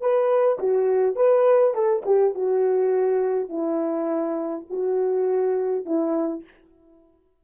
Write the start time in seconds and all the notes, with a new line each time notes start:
0.00 B4
0.59 F#4
1.15 B4
1.73 A4
2.05 G4
2.34 F#4
3.49 E4
4.69 F#4
5.85 E4